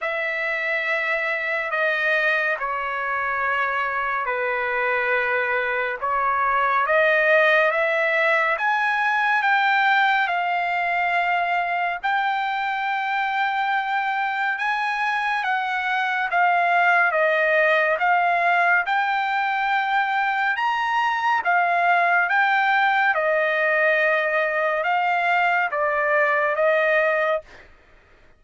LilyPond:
\new Staff \with { instrumentName = "trumpet" } { \time 4/4 \tempo 4 = 70 e''2 dis''4 cis''4~ | cis''4 b'2 cis''4 | dis''4 e''4 gis''4 g''4 | f''2 g''2~ |
g''4 gis''4 fis''4 f''4 | dis''4 f''4 g''2 | ais''4 f''4 g''4 dis''4~ | dis''4 f''4 d''4 dis''4 | }